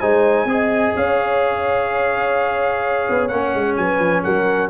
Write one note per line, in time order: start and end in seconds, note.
0.00 0.45 G#3
0.00 0.47 D#4
0.00 0.47 C5
0.00 0.94 G#5
0.45 0.92 C4
0.45 3.30 G#4
0.51 0.96 D#5
0.96 3.07 C#4
0.96 3.78 C#5
0.96 3.27 F5
3.09 3.31 B3
3.27 3.54 A#3
3.27 4.70 C#4
3.27 3.74 F#5
3.54 3.77 G#3
3.76 3.99 F#3
3.76 4.23 B4
3.76 4.23 G#5
3.99 4.22 F3
4.23 4.70 F#3
4.23 4.70 A#4
4.23 4.70 F#5